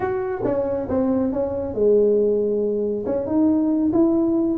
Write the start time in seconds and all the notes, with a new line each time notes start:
0.00 F#4
0.44 C#4
0.89 C4
1.32 C#4
1.74 G#3
3.06 C#4
3.26 D#4
3.92 E4